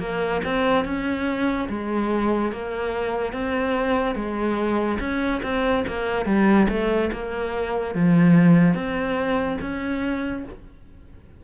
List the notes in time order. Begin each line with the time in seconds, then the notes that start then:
0.00 A#3
0.45 C4
0.85 C#4
1.69 G#3
2.52 A#3
3.33 C4
4.16 G#3
5.00 C#4
5.44 C4
5.88 A#3
6.26 G3
6.69 A3
7.13 A#3
7.95 F3
8.75 C4
9.61 C#4